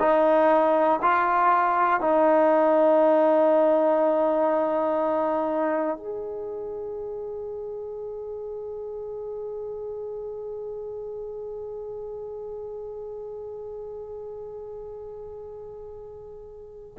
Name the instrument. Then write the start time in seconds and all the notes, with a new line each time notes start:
trombone
0.00 D#4
1.02 F4
2.01 D#4
5.97 G#4